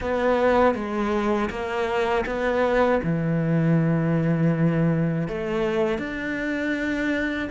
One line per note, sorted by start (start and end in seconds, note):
0.00 0.74 B3
0.74 1.49 G#3
1.50 2.25 A#3
2.25 3.00 B3
3.03 5.27 E3
5.27 5.98 A3
5.98 7.48 D4